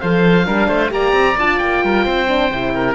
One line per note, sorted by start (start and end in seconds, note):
0.00 0.47 F3
0.00 0.45 A4
0.00 0.46 C5
0.00 0.91 F5
0.45 0.68 G3
0.45 0.89 D4
0.45 0.68 A#4
0.68 0.90 A3
0.68 0.90 C5
0.89 1.12 A#3
0.89 1.34 G4
0.89 1.85 D5
0.89 1.38 A#5
1.12 1.35 C4
1.37 1.60 D4
1.37 2.28 F4
1.37 1.58 A5
1.58 1.83 A#3
1.58 2.94 G5
1.83 2.06 G3
1.83 2.05 A#4
2.05 2.51 C4
2.05 2.73 C5
2.28 2.50 D4
2.51 2.95 C3
2.51 2.95 E4
2.74 2.95 A#4